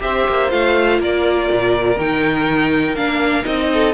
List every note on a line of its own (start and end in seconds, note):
0.00 0.28 C4
0.00 0.49 G4
0.00 1.00 C5
0.00 0.51 E5
0.28 0.53 A#3
0.49 1.00 A3
0.49 1.97 F4
0.49 1.01 F5
1.00 1.49 A#3
1.00 3.71 A#4
1.00 2.00 D5
1.52 1.98 A#2
1.98 2.96 D#3
1.98 2.97 D#4
1.98 2.96 G5
2.96 3.45 A#3
2.96 3.43 D4
2.96 3.45 F5
3.43 3.94 C4
3.43 3.92 D#4
3.43 3.94 D#5
3.74 3.94 A4